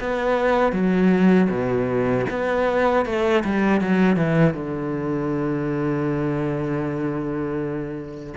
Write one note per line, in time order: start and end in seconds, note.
0.00 0.72 B3
0.72 1.48 F#3
1.50 2.26 B2
2.30 3.06 B3
3.06 3.43 A3
3.44 3.81 G3
3.81 4.16 F#3
4.16 4.54 E3
4.54 8.33 D3